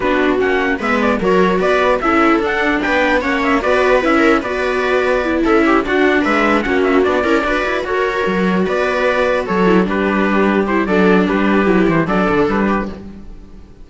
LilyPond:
<<
  \new Staff \with { instrumentName = "trumpet" } { \time 4/4 \tempo 4 = 149 b'4 fis''4 e''8 d''8 cis''4 | d''4 e''4 fis''4 g''4 | fis''8 e''8 d''4 e''4 d''4~ | d''4. e''4 fis''4 e''8~ |
e''8 fis''8 e''8 d''2 cis''8~ | cis''4. d''2 cis''8~ | cis''8 b'2 c''8 d''4 | b'4. c''8 d''4 b'4 | }
  \new Staff \with { instrumentName = "viola" } { \time 4/4 fis'2 b'4 ais'4 | b'4 a'2 b'4 | cis''4 b'4. ais'8 b'4~ | b'4. a'8 g'8 fis'4 b'8~ |
b'8 fis'4. ais'8 b'4 ais'8~ | ais'4. b'2 a'8~ | a'8 g'2~ g'8 a'4 | g'2 a'4. g'8 | }
  \new Staff \with { instrumentName = "viola" } { \time 4/4 d'4 cis'4 b4 fis'4~ | fis'4 e'4 d'2 | cis'4 fis'4 e'4 fis'4~ | fis'4 e'4. d'4.~ |
d'8 cis'4 d'8 e'8 fis'4.~ | fis'1 | e'8 d'2 e'8 d'4~ | d'4 e'4 d'2 | }
  \new Staff \with { instrumentName = "cello" } { \time 4/4 b4 ais4 gis4 fis4 | b4 cis'4 d'4 b4 | ais4 b4 cis'4 b4~ | b4. cis'4 d'4 gis8~ |
gis8 ais4 b8 cis'8 d'8 e'8 fis'8~ | fis'8 fis4 b2 fis8~ | fis8 g2~ g8 fis4 | g4 fis8 e8 fis8 d8 g4 | }
>>